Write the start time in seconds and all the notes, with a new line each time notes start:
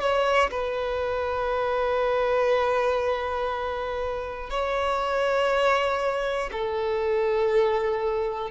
0.00 C#5
0.50 B4
4.50 C#5
6.51 A4